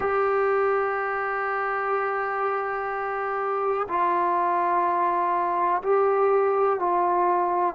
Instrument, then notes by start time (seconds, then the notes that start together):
trombone
0.00 G4
3.88 F4
5.82 G4
6.79 F4